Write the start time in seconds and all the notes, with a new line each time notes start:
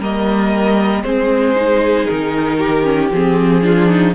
0.00 G3 A#3 A#4 D#5
1.03 G#3 C4 G#4 C5
1.56 D#4
2.06 D#3 A#4
2.58 G4
2.84 C#4
3.12 F3 C4 G#4
3.62 D4 F4
3.89 D#4